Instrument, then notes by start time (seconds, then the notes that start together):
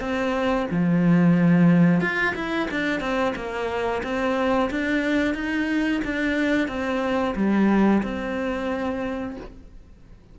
cello
0.00 C4
0.71 F3
2.01 F4
2.35 E4
2.71 D4
3.00 C4
3.35 A#3
4.03 C4
4.70 D4
5.34 D#4
6.04 D4
6.68 C4
7.35 G3
8.03 C4